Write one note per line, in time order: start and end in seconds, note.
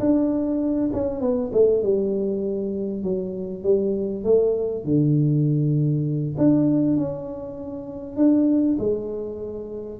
0.00 0.91 D4
0.93 1.21 C#4
1.21 1.52 B3
1.53 1.83 A3
1.83 3.04 G3
3.04 3.64 F#3
3.64 4.25 G3
4.25 4.85 A3
4.85 6.36 D3
6.38 6.97 D4
6.97 8.17 C#4
8.17 8.78 D4
8.79 10.00 G#3